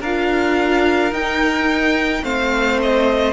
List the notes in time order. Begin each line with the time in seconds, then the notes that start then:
0.00 D4 F4 A#4 F5
1.12 D#4 G5
2.22 A3 C4 C5 F5
2.81 D#5